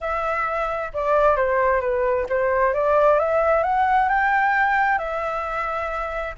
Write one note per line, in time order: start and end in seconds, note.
0.01 0.92 E5
0.93 1.36 D5
1.36 1.80 C5
1.80 2.26 B4
2.29 2.73 C5
2.73 3.19 D5
3.19 3.63 E5
3.63 4.08 F#5
4.08 4.98 G5
4.98 6.34 E5